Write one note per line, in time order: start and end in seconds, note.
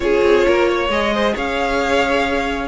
0.00 0.21 C#4
0.00 0.88 F4
0.00 0.46 G#4
0.00 0.88 C#5
0.23 0.46 C4
0.46 0.88 A#3
0.46 0.68 A#4
0.68 1.13 C#5
0.88 1.34 G#3
0.88 2.67 G#4
0.88 1.36 D#5
1.13 1.34 C5
1.34 2.67 C#4
1.34 2.67 C#5
1.34 2.67 F5